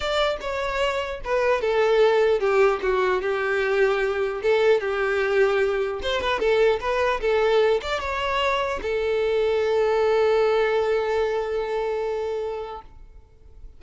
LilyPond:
\new Staff \with { instrumentName = "violin" } { \time 4/4 \tempo 4 = 150 d''4 cis''2 b'4 | a'2 g'4 fis'4 | g'2. a'4 | g'2. c''8 b'8 |
a'4 b'4 a'4. d''8 | cis''2 a'2~ | a'1~ | a'1 | }